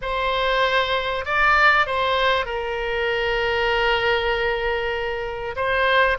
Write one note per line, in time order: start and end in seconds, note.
0.01 1.25 C5
1.25 1.86 D5
1.86 2.45 C5
2.45 5.55 A#4
5.56 6.17 C5